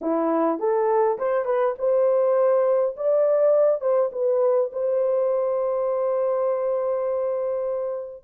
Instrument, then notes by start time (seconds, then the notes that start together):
horn
0.01 E4
0.59 A4
1.18 C5
1.45 B4
1.78 C5
2.96 D5
3.80 C5
4.12 B4
4.72 C5